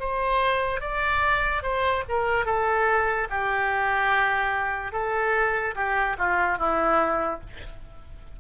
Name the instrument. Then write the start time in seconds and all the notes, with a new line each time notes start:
oboe
0.00 C5
0.81 D5
1.63 C5
2.09 A#4
2.46 A4
3.30 G4
4.92 A4
5.75 G4
6.19 F4
6.58 E4